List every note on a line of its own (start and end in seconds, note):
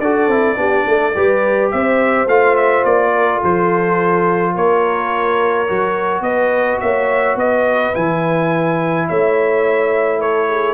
0.00 0.28 D4
0.00 0.31 F#4
0.00 0.59 A4
0.00 1.71 D5
0.28 0.56 C4
0.28 0.56 E4
0.56 0.85 B3
0.56 1.13 D4
0.56 0.88 G4
0.87 1.15 A3
0.87 1.16 A4
1.16 1.73 G3
1.16 2.28 G4
1.16 1.73 B4
1.71 2.27 C4
1.71 3.12 C5
1.71 2.28 E5
2.27 2.84 A3
2.27 5.68 F4
2.27 2.57 F5
2.57 2.85 E5
2.85 3.42 A#3
2.85 3.42 D5
3.12 3.41 A#4
3.41 4.56 F3
3.41 4.54 A4
3.41 4.56 C5
4.54 5.69 A#3
4.54 6.24 A#4
4.54 6.23 C#5
5.69 6.21 F#3
5.69 7.95 F#4
6.21 6.78 B3
6.21 6.82 B4
6.21 6.80 D#5
6.81 7.36 A#3
6.81 7.39 C#5
6.81 7.37 E5
7.36 7.92 B3
7.36 9.08 B4
7.36 7.96 D#5
7.95 9.10 E3
7.95 10.75 E4
7.95 9.09 G#5
9.08 10.75 A3
9.08 10.20 C#5
9.08 10.22 E5
10.20 10.48 A4
10.20 10.75 C#5
10.49 10.75 G#4